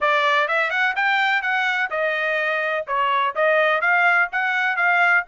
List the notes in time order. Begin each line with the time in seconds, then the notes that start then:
0.01 D5
0.48 E5
0.70 F#5
0.95 G5
1.42 F#5
1.90 D#5
2.87 C#5
3.35 D#5
3.81 F5
4.32 F#5
4.76 F5